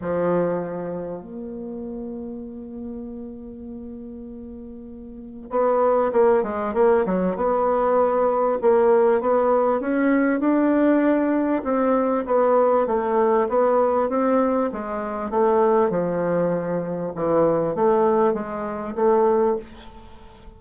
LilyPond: \new Staff \with { instrumentName = "bassoon" } { \time 4/4 \tempo 4 = 98 f2 ais2~ | ais1~ | ais4 b4 ais8 gis8 ais8 fis8 | b2 ais4 b4 |
cis'4 d'2 c'4 | b4 a4 b4 c'4 | gis4 a4 f2 | e4 a4 gis4 a4 | }